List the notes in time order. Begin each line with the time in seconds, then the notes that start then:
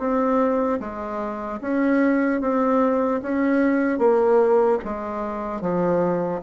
0.00 C4
0.80 G#3
1.61 C#4
2.41 C4
3.23 C#4
3.99 A#3
4.85 G#3
5.61 F3